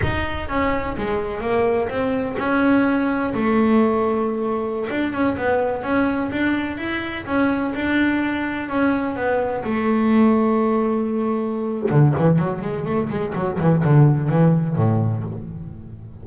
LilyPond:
\new Staff \with { instrumentName = "double bass" } { \time 4/4 \tempo 4 = 126 dis'4 cis'4 gis4 ais4 | c'4 cis'2 a4~ | a2~ a16 d'8 cis'8 b8.~ | b16 cis'4 d'4 e'4 cis'8.~ |
cis'16 d'2 cis'4 b8.~ | b16 a2.~ a8.~ | a4 d8 e8 fis8 gis8 a8 gis8 | fis8 e8 d4 e4 a,4 | }